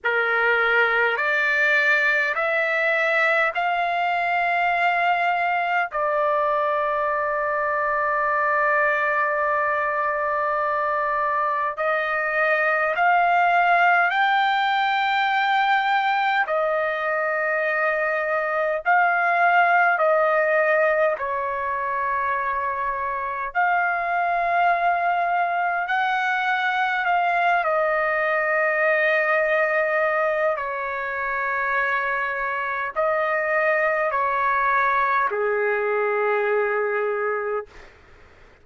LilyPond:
\new Staff \with { instrumentName = "trumpet" } { \time 4/4 \tempo 4 = 51 ais'4 d''4 e''4 f''4~ | f''4 d''2.~ | d''2 dis''4 f''4 | g''2 dis''2 |
f''4 dis''4 cis''2 | f''2 fis''4 f''8 dis''8~ | dis''2 cis''2 | dis''4 cis''4 gis'2 | }